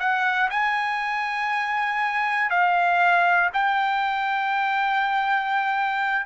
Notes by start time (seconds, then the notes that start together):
0.00 F#5
0.51 G#5
2.51 F5
3.54 G5